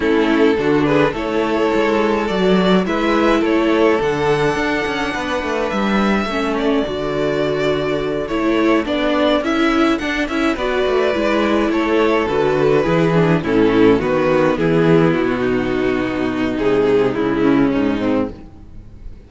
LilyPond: <<
  \new Staff \with { instrumentName = "violin" } { \time 4/4 \tempo 4 = 105 a'4. b'8 cis''2 | d''4 e''4 cis''4 fis''4~ | fis''2 e''4. d''8~ | d''2~ d''8 cis''4 d''8~ |
d''8 e''4 fis''8 e''8 d''4.~ | d''8 cis''4 b'2 a'8~ | a'8 b'4 gis'4 fis'4.~ | fis'4 gis'4 e'4 dis'4 | }
  \new Staff \with { instrumentName = "violin" } { \time 4/4 e'4 fis'8 gis'8 a'2~ | a'4 b'4 a'2~ | a'4 b'2 a'4~ | a'1~ |
a'2~ a'8 b'4.~ | b'8 a'2 gis'4 e'8~ | e'8 fis'4 e'4. dis'4~ | dis'2~ dis'8 cis'4 c'8 | }
  \new Staff \with { instrumentName = "viola" } { \time 4/4 cis'4 d'4 e'2 | fis'4 e'2 d'4~ | d'2. cis'4 | fis'2~ fis'8 e'4 d'8~ |
d'8 e'4 d'8 e'8 fis'4 e'8~ | e'4. fis'4 e'8 d'8 cis'8~ | cis'8 b2.~ b8~ | b4 gis2. | }
  \new Staff \with { instrumentName = "cello" } { \time 4/4 a4 d4 a4 gis4 | fis4 gis4 a4 d4 | d'8 cis'8 b8 a8 g4 a4 | d2~ d8 a4 b8~ |
b8 cis'4 d'8 cis'8 b8 a8 gis8~ | gis8 a4 d4 e4 a,8~ | a,8 dis4 e4 b,4.~ | b,4 c4 cis4 gis,4 | }
>>